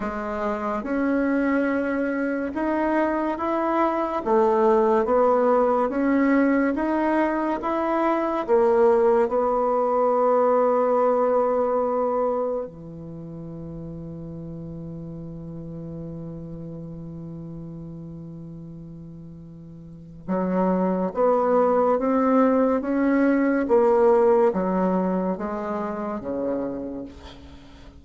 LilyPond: \new Staff \with { instrumentName = "bassoon" } { \time 4/4 \tempo 4 = 71 gis4 cis'2 dis'4 | e'4 a4 b4 cis'4 | dis'4 e'4 ais4 b4~ | b2. e4~ |
e1~ | e1 | fis4 b4 c'4 cis'4 | ais4 fis4 gis4 cis4 | }